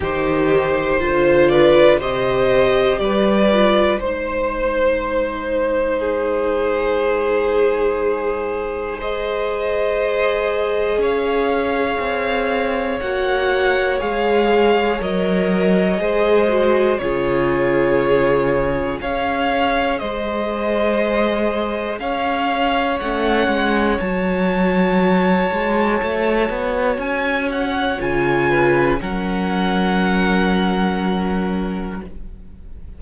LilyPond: <<
  \new Staff \with { instrumentName = "violin" } { \time 4/4 \tempo 4 = 60 c''4. d''8 dis''4 d''4 | c''1~ | c''4 dis''2 f''4~ | f''4 fis''4 f''4 dis''4~ |
dis''4 cis''2 f''4 | dis''2 f''4 fis''4 | a''2. gis''8 fis''8 | gis''4 fis''2. | }
  \new Staff \with { instrumentName = "violin" } { \time 4/4 g'4 c''8 b'8 c''4 b'4 | c''2 gis'2~ | gis'4 c''2 cis''4~ | cis''1 |
c''4 gis'2 cis''4 | c''2 cis''2~ | cis''1~ | cis''8 b'8 ais'2. | }
  \new Staff \with { instrumentName = "viola" } { \time 4/4 dis'4 f'4 g'4. f'8 | dis'1~ | dis'4 gis'2.~ | gis'4 fis'4 gis'4 ais'4 |
gis'8 fis'8 f'2 gis'4~ | gis'2. cis'4 | fis'1 | f'4 cis'2. | }
  \new Staff \with { instrumentName = "cello" } { \time 4/4 dis4 d4 c4 g4 | gis1~ | gis2. cis'4 | c'4 ais4 gis4 fis4 |
gis4 cis2 cis'4 | gis2 cis'4 a8 gis8 | fis4. gis8 a8 b8 cis'4 | cis4 fis2. | }
>>